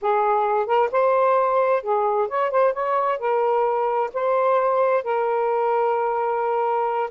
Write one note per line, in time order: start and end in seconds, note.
0.01 0.66 G#4
0.66 0.89 A#4
0.91 1.82 C5
1.82 2.28 G#4
2.28 2.50 C#5
2.51 2.73 C5
2.73 3.19 C#5
3.19 4.10 A#4
4.13 5.03 C5
5.03 7.10 A#4